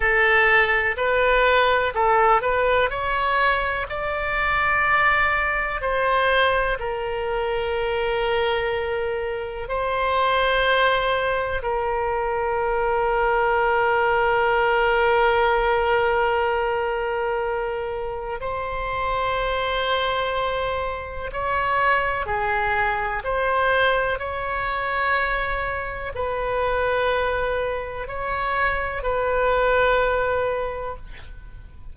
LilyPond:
\new Staff \with { instrumentName = "oboe" } { \time 4/4 \tempo 4 = 62 a'4 b'4 a'8 b'8 cis''4 | d''2 c''4 ais'4~ | ais'2 c''2 | ais'1~ |
ais'2. c''4~ | c''2 cis''4 gis'4 | c''4 cis''2 b'4~ | b'4 cis''4 b'2 | }